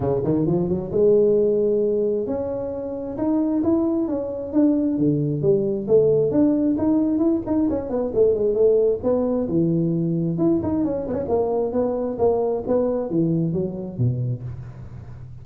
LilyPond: \new Staff \with { instrumentName = "tuba" } { \time 4/4 \tempo 4 = 133 cis8 dis8 f8 fis8 gis2~ | gis4 cis'2 dis'4 | e'4 cis'4 d'4 d4 | g4 a4 d'4 dis'4 |
e'8 dis'8 cis'8 b8 a8 gis8 a4 | b4 e2 e'8 dis'8 | cis'8 b16 cis'16 ais4 b4 ais4 | b4 e4 fis4 b,4 | }